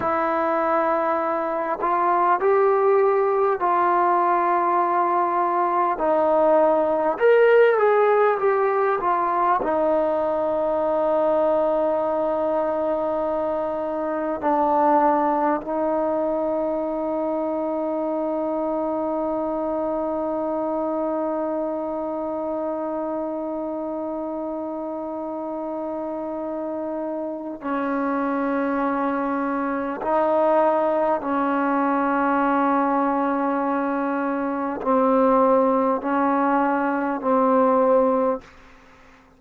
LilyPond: \new Staff \with { instrumentName = "trombone" } { \time 4/4 \tempo 4 = 50 e'4. f'8 g'4 f'4~ | f'4 dis'4 ais'8 gis'8 g'8 f'8 | dis'1 | d'4 dis'2.~ |
dis'1~ | dis'2. cis'4~ | cis'4 dis'4 cis'2~ | cis'4 c'4 cis'4 c'4 | }